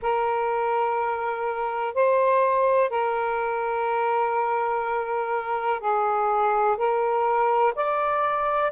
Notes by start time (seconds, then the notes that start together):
0.02 A#4
1.94 C5
2.89 A#4
5.79 G#4
6.77 A#4
7.75 D5